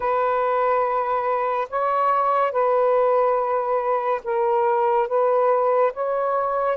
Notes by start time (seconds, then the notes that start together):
0.00 B4
1.69 C#5
2.52 B4
4.23 A#4
5.07 B4
5.93 C#5